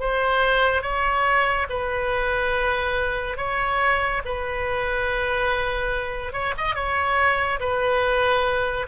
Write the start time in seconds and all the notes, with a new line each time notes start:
0.00 C5
0.82 C#5
1.69 B4
3.37 C#5
4.25 B4
6.33 C#5
6.57 D#5
6.75 C#5
7.60 B4